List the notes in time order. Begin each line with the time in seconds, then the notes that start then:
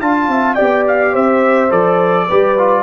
0.00 D4 F4 F5 A5
0.28 C4 E5
0.55 B3 G4 D5 G5
0.87 F5
1.13 C4 C5 E5
1.70 F3 A4 D5
2.28 G3 G4 B4
2.58 F4